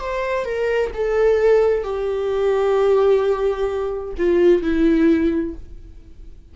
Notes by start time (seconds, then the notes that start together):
0.00 C5
0.45 A#4
0.94 A4
1.84 G4
4.18 F4
4.62 E4